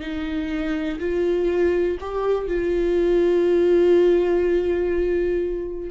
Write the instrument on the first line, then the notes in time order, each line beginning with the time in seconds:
viola
0.00 D#4
0.99 F4
2.00 G4
2.47 F4